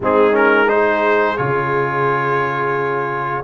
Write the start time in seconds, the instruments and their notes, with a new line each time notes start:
0.00 tuba G#3, trombone C4, horn D#4, trumpet G#4
0.31 trombone C#4, trumpet A#4
0.68 trombone D#4, horn G#4, trumpet C5
1.37 tuba C#3, trombone F4, trumpet C#5